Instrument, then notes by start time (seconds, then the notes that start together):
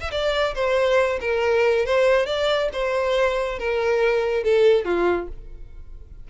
violin
0.00 E5
0.11 D5
0.55 C5
1.21 A#4
1.86 C5
2.26 D5
2.73 C5
3.59 A#4
4.43 A4
4.85 F4